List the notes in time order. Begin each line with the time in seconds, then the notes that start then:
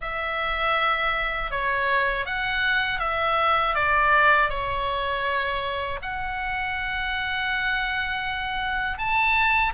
0.01 E5
1.50 C#5
2.25 F#5
2.99 E5
3.74 D5
4.49 C#5
6.02 F#5
8.98 A5